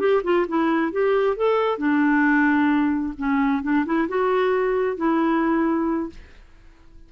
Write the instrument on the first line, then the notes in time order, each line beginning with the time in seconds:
clarinet
0.00 G4
0.24 F4
0.48 E4
0.92 G4
1.37 A4
1.79 D4
3.18 C#4
3.63 D4
3.86 E4
4.09 F#4
4.97 E4